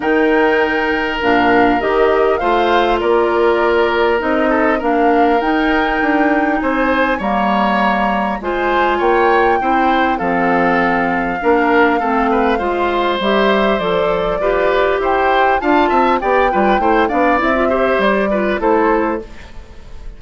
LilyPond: <<
  \new Staff \with { instrumentName = "flute" } { \time 4/4 \tempo 4 = 100 g''2 f''4 dis''4 | f''4 d''2 dis''4 | f''4 g''2 gis''4 | ais''2 gis''4 g''4~ |
g''4 f''2.~ | f''2 e''4 d''4~ | d''4 g''4 a''4 g''4~ | g''8 f''8 e''4 d''4 c''4 | }
  \new Staff \with { instrumentName = "oboe" } { \time 4/4 ais'1 | c''4 ais'2~ ais'8 a'8 | ais'2. c''4 | cis''2 c''4 cis''4 |
c''4 a'2 ais'4 | a'8 b'8 c''2. | b'4 c''4 f''8 e''8 d''8 b'8 | c''8 d''4 c''4 b'8 a'4 | }
  \new Staff \with { instrumentName = "clarinet" } { \time 4/4 dis'2 d'4 g'4 | f'2. dis'4 | d'4 dis'2. | ais2 f'2 |
e'4 c'2 d'4 | c'4 f'4 g'4 a'4 | g'2 f'4 g'8 f'8 | e'8 d'8 e'16 f'16 g'4 f'8 e'4 | }
  \new Staff \with { instrumentName = "bassoon" } { \time 4/4 dis2 ais,4 dis4 | a4 ais2 c'4 | ais4 dis'4 d'4 c'4 | g2 gis4 ais4 |
c'4 f2 ais4 | a4 gis4 g4 f4 | f'4 e'4 d'8 c'8 b8 g8 | a8 b8 c'4 g4 a4 | }
>>